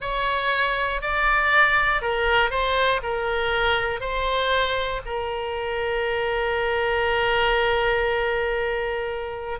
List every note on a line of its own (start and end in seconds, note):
0.00 1.01 C#5
1.01 2.01 D5
2.01 2.50 A#4
2.50 3.00 C5
3.02 4.00 A#4
4.00 5.01 C5
5.05 9.59 A#4